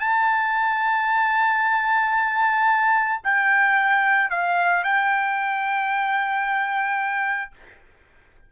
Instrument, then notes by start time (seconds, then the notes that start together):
trumpet
0.00 A5
3.24 G5
4.30 F5
4.84 G5